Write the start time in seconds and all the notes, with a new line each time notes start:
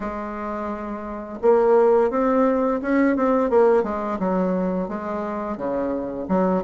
0.00 G#3
1.41 A#3
2.10 C4
2.82 C#4
3.16 C4
3.50 A#3
3.83 G#3
4.19 F#3
4.88 G#3
5.57 C#3
6.28 F#3